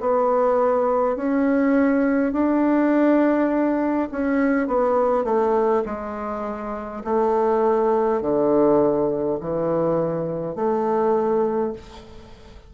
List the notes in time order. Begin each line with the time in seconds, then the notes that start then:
0.00 B3
1.16 C#4
2.33 D4
4.11 C#4
4.67 B3
5.24 A3
5.85 G#3
7.04 A3
8.21 D3
9.40 E3
10.55 A3